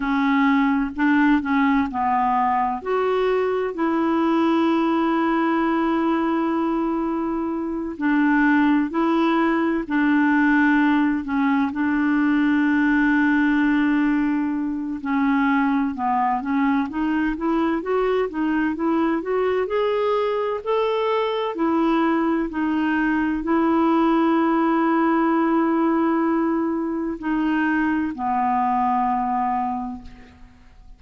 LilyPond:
\new Staff \with { instrumentName = "clarinet" } { \time 4/4 \tempo 4 = 64 cis'4 d'8 cis'8 b4 fis'4 | e'1~ | e'8 d'4 e'4 d'4. | cis'8 d'2.~ d'8 |
cis'4 b8 cis'8 dis'8 e'8 fis'8 dis'8 | e'8 fis'8 gis'4 a'4 e'4 | dis'4 e'2.~ | e'4 dis'4 b2 | }